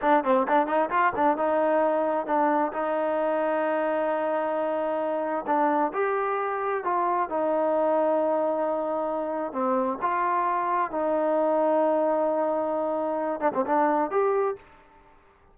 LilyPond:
\new Staff \with { instrumentName = "trombone" } { \time 4/4 \tempo 4 = 132 d'8 c'8 d'8 dis'8 f'8 d'8 dis'4~ | dis'4 d'4 dis'2~ | dis'1 | d'4 g'2 f'4 |
dis'1~ | dis'4 c'4 f'2 | dis'1~ | dis'4. d'16 c'16 d'4 g'4 | }